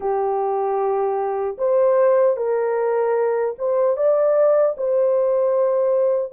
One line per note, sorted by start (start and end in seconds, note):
0.00 1.57 G4
1.58 2.36 C5
2.36 3.55 A#4
3.58 3.96 C5
3.96 4.75 D5
4.77 6.32 C5